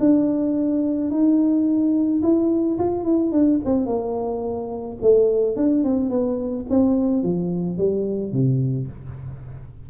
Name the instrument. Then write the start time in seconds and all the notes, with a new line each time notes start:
tuba
0.00 D4
1.11 D#4
2.23 E4
2.79 F4
3.05 E4
3.32 D4
3.65 C4
3.86 A#3
5.02 A3
5.56 D4
5.84 C4
6.10 B3
6.70 C4
7.23 F3
7.78 G3
8.32 C3